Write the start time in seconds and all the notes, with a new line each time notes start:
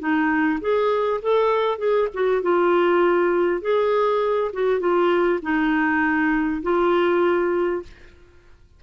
0.00 D#4
0.61 G#4
1.22 A4
1.79 G#4
2.14 F#4
2.43 F4
3.62 G#4
4.54 F#4
4.80 F4
5.42 D#4
6.63 F4